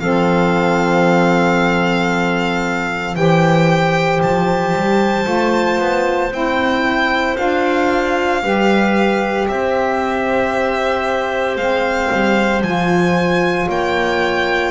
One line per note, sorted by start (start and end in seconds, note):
0.00 3.16 F3
0.00 3.16 C4
0.00 3.17 A4
0.00 3.16 F5
3.16 4.21 E3
3.16 5.24 G4
3.16 8.44 C5
3.16 4.21 G5
4.23 4.74 F3
4.23 6.33 A5
4.74 5.27 G3
5.24 5.79 A3
5.24 6.29 F4
5.79 6.31 B3
6.31 7.36 C4
6.31 7.37 E4
6.31 7.37 G5
7.37 8.43 D4
7.37 8.42 F4
7.37 9.48 F5
8.43 9.48 G3
8.43 11.59 G4
8.43 9.49 B4
9.49 11.57 C4
9.49 13.68 C5
9.49 11.57 E5
11.57 12.10 G#3
11.57 12.64 C4
11.57 12.62 F5
12.12 12.62 G3
12.62 13.68 F3
12.62 14.71 F4
12.62 13.68 G#5
13.68 14.71 A#3
13.68 14.71 C#5
13.68 14.71 G5